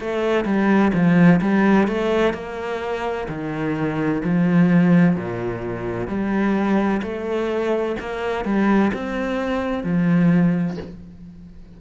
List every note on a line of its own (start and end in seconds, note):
0.00 0.45 A3
0.45 0.92 G3
0.94 1.41 F3
1.41 1.88 G3
1.88 2.34 A3
2.34 3.28 A#3
3.29 4.22 D#3
4.24 5.16 F3
5.16 6.08 A#2
6.08 7.01 G3
7.02 7.96 A3
8.00 8.45 A#3
8.45 8.91 G3
8.94 9.84 C4
9.84 10.77 F3